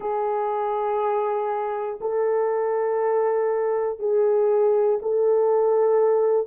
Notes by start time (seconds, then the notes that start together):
0.00 G#4
2.00 A4
3.99 G#4
5.02 A4